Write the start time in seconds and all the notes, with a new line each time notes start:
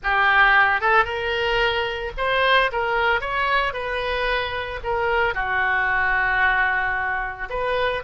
0.03 G4
0.80 A4
1.04 A#4
2.17 C5
2.72 A#4
3.20 C#5
3.73 B4
4.83 A#4
5.34 F#4
7.49 B4